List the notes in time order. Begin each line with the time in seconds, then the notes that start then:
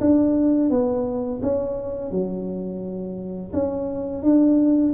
0.00 D4
0.70 B3
1.42 C#4
2.11 F#3
3.53 C#4
4.22 D4